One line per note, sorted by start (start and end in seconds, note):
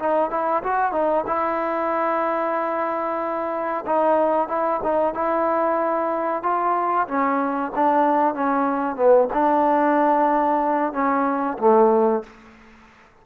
0.00 0.31 D#4
0.31 0.63 E4
0.64 0.93 F#4
0.93 1.25 D#4
1.27 3.85 E4
3.87 4.49 D#4
4.49 4.81 E4
4.84 5.14 D#4
5.14 6.43 E4
6.43 7.08 F4
7.08 7.72 C#4
7.76 8.35 D4
8.35 8.96 C#4
8.96 9.29 B3
9.34 10.94 D4
10.94 11.58 C#4
11.59 12.23 A3